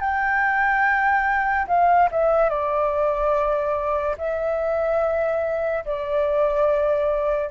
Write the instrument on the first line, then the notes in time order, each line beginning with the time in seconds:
flute
0.00 G5
1.67 F5
2.11 E5
2.49 D5
4.18 E5
5.85 D5